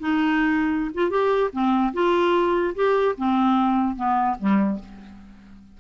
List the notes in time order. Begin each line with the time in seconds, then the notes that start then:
0.00 D#4
0.95 F4
1.11 G4
1.53 C4
1.94 F4
2.75 G4
3.18 C4
3.97 B3
4.39 G3